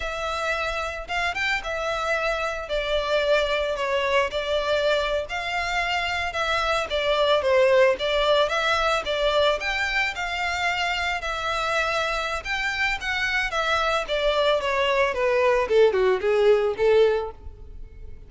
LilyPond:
\new Staff \with { instrumentName = "violin" } { \time 4/4 \tempo 4 = 111 e''2 f''8 g''8 e''4~ | e''4 d''2 cis''4 | d''4.~ d''16 f''2 e''16~ | e''8. d''4 c''4 d''4 e''16~ |
e''8. d''4 g''4 f''4~ f''16~ | f''8. e''2~ e''16 g''4 | fis''4 e''4 d''4 cis''4 | b'4 a'8 fis'8 gis'4 a'4 | }